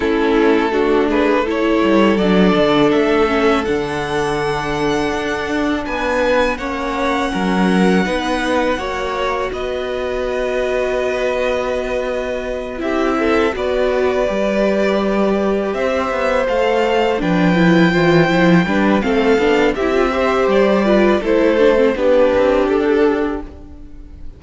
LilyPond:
<<
  \new Staff \with { instrumentName = "violin" } { \time 4/4 \tempo 4 = 82 a'4. b'8 cis''4 d''4 | e''4 fis''2. | gis''4 fis''2.~ | fis''4 dis''2.~ |
dis''4. e''4 d''4.~ | d''4. e''4 f''4 g''8~ | g''2 f''4 e''4 | d''4 c''4 b'4 a'4 | }
  \new Staff \with { instrumentName = "violin" } { \time 4/4 e'4 fis'8 gis'8 a'2~ | a'1 | b'4 cis''4 ais'4 b'4 | cis''4 b'2.~ |
b'4. g'8 a'8 b'4.~ | b'4. c''2 b'8~ | b'8 c''4 b'8 a'4 g'8 c''8~ | c''8 b'8 a'4 g'2 | }
  \new Staff \with { instrumentName = "viola" } { \time 4/4 cis'4 d'4 e'4 d'4~ | d'8 cis'8 d'2.~ | d'4 cis'2 dis'4 | fis'1~ |
fis'4. e'4 fis'4 g'8~ | g'2~ g'8 a'4 d'8 | e'8 f'8 e'8 d'8 c'8 d'8 e'16 f'16 g'8~ | g'8 f'8 e'8 d'16 c'16 d'2 | }
  \new Staff \with { instrumentName = "cello" } { \time 4/4 a2~ a8 g8 fis8 d8 | a4 d2 d'4 | b4 ais4 fis4 b4 | ais4 b2.~ |
b4. c'4 b4 g8~ | g4. c'8 b8 a4 f8~ | f8 e8 f8 g8 a8 b8 c'4 | g4 a4 b8 c'8 d'4 | }
>>